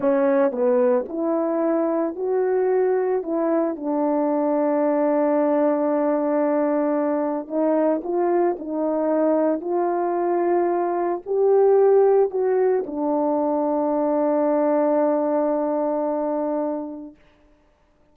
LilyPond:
\new Staff \with { instrumentName = "horn" } { \time 4/4 \tempo 4 = 112 cis'4 b4 e'2 | fis'2 e'4 d'4~ | d'1~ | d'2 dis'4 f'4 |
dis'2 f'2~ | f'4 g'2 fis'4 | d'1~ | d'1 | }